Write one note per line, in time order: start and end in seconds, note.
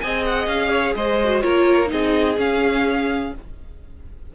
0.00 0.47 C4
0.00 1.22 G#4
0.00 0.70 D#5
0.00 0.24 G#5
0.26 0.47 F#5
0.47 0.94 C#4
0.47 0.95 F5
0.70 0.94 C#5
0.95 1.43 G#3
0.95 1.43 C5
0.95 1.41 D#5
1.24 1.43 F#4
1.41 1.92 A#3
1.41 1.86 F4
1.41 1.91 A#4
1.41 1.89 C#5
1.86 2.38 C4
1.86 2.34 D#4
1.86 3.35 G#4
1.86 2.39 D#5
2.37 3.32 C#4
2.37 3.33 C#4
2.37 3.35 F5